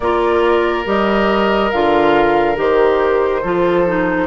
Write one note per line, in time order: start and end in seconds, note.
0.00 0.84 A#3
0.00 0.85 F4
0.00 3.41 A#4
0.00 0.85 D5
0.85 1.71 G3
0.85 1.71 G4
0.85 1.70 D#5
1.70 2.57 D3
1.70 2.55 F4
1.70 2.56 F5
2.55 3.43 D#3
2.55 3.41 G4
2.55 4.27 C5
3.41 4.27 F3
3.41 3.86 F4
3.41 4.27 A4
3.86 4.27 D#4